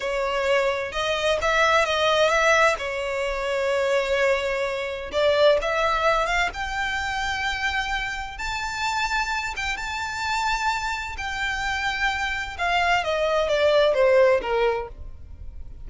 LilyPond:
\new Staff \with { instrumentName = "violin" } { \time 4/4 \tempo 4 = 129 cis''2 dis''4 e''4 | dis''4 e''4 cis''2~ | cis''2. d''4 | e''4. f''8 g''2~ |
g''2 a''2~ | a''8 g''8 a''2. | g''2. f''4 | dis''4 d''4 c''4 ais'4 | }